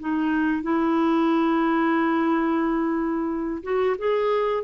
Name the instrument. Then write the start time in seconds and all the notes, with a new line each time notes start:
clarinet
0.00 D#4
0.63 E4
3.63 F#4
3.99 G#4